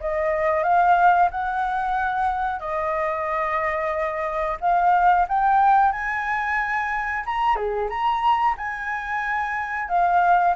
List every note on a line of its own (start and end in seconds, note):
0.00 0.63 D#5
0.63 1.29 F5
1.31 2.59 F#5
2.59 4.57 D#5
4.60 5.26 F5
5.28 5.92 G5
5.92 7.24 G#5
7.26 7.55 A#5
7.55 7.88 G#4
7.89 8.55 A#5
8.57 9.88 G#5
9.88 10.54 F5